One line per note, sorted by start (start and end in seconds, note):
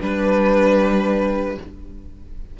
0.00 1.57 G3
0.00 1.57 D4
0.00 1.57 B4
0.00 1.59 B4